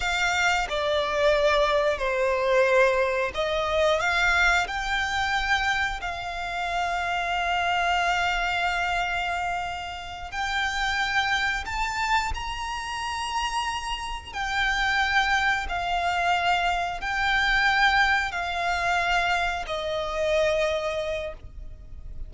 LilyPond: \new Staff \with { instrumentName = "violin" } { \time 4/4 \tempo 4 = 90 f''4 d''2 c''4~ | c''4 dis''4 f''4 g''4~ | g''4 f''2.~ | f''2.~ f''8 g''8~ |
g''4. a''4 ais''4.~ | ais''4. g''2 f''8~ | f''4. g''2 f''8~ | f''4. dis''2~ dis''8 | }